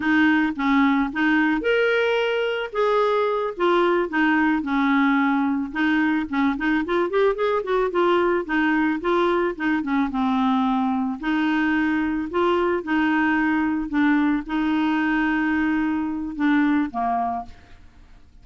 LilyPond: \new Staff \with { instrumentName = "clarinet" } { \time 4/4 \tempo 4 = 110 dis'4 cis'4 dis'4 ais'4~ | ais'4 gis'4. f'4 dis'8~ | dis'8 cis'2 dis'4 cis'8 | dis'8 f'8 g'8 gis'8 fis'8 f'4 dis'8~ |
dis'8 f'4 dis'8 cis'8 c'4.~ | c'8 dis'2 f'4 dis'8~ | dis'4. d'4 dis'4.~ | dis'2 d'4 ais4 | }